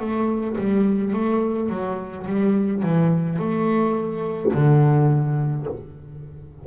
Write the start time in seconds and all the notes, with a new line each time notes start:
0.00 A3
0.58 G3
1.13 A3
1.70 F#3
2.26 G3
2.83 E3
3.39 A3
4.53 D3